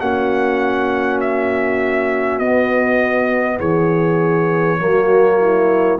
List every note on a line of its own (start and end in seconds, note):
0.00 2.40 A#3
0.00 2.41 C#4
0.00 3.59 F#4
0.00 1.20 F#5
1.21 2.39 E5
2.39 3.60 B3
2.39 4.79 B3
2.39 3.58 D#5
3.59 4.80 E3
3.59 4.79 G#4
3.59 6.00 C#5
4.79 6.00 F#3
4.79 5.99 A#3
4.79 5.39 F#4
5.40 6.00 E4